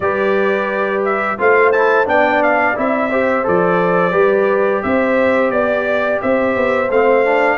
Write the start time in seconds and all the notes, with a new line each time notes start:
0.00 G3 G4 B4 D5
1.04 E5
1.38 A3 F4 C5 F5
1.72 E4 A5
2.05 B3 D4 D5 G5
2.42 F5
2.75 C4 E4 E5
3.10 G4 C5
3.43 F3 A4 D5
4.11 G3 G4 B4
4.82 C4 C5 E5
5.50 B3 D5
6.21 C4 C5 E5
6.55 B3
6.89 A3 C4 F5
7.24 D4